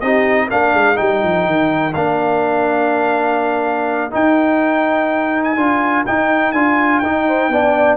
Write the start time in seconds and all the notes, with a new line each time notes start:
0.00 C4 D#4 G4 D#5
0.46 A#3 D4 A#4 F5
0.73 G#3
0.95 G3 D#4 G5
1.23 F3
1.46 D#3
1.93 A#3 D4 F5
4.10 D#4 G5
5.43 G#5
5.56 D4 F4
6.06 D#4 G5
6.52 D4 F4 G#5
6.99 D#4 G5
7.27 C5
7.48 B3 D4 D5